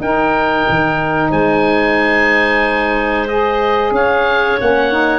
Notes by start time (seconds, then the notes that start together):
0.00 D#4 A#4 G5
0.69 D#3
1.30 G#3 C5 G#5
3.28 G#4 D#5
3.91 C#4 C#5 F5
4.60 A#3 C#4 F#5
4.91 D#4